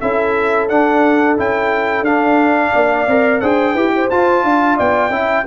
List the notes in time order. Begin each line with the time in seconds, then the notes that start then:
0.00 C#4 E4 A4 E5
0.68 D4 F#5
1.37 C#4 E4 G5
2.01 D4 F5
2.72 A#3 D5
3.07 C4 A#4
3.40 D4 G#4 C5 G5
3.72 E4 G4 B4
3.95 C5
4.10 F4 A5
4.43 D4 F5
4.77 B3 D5 G5
5.09 C#4 E4 E5